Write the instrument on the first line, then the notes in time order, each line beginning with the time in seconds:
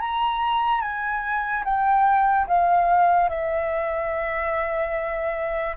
flute
0.00 A#5
0.81 G#5
1.64 G5
2.47 F5
3.29 E5